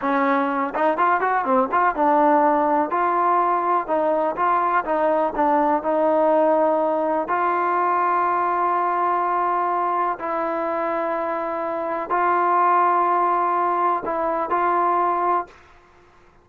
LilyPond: \new Staff \with { instrumentName = "trombone" } { \time 4/4 \tempo 4 = 124 cis'4. dis'8 f'8 fis'8 c'8 f'8 | d'2 f'2 | dis'4 f'4 dis'4 d'4 | dis'2. f'4~ |
f'1~ | f'4 e'2.~ | e'4 f'2.~ | f'4 e'4 f'2 | }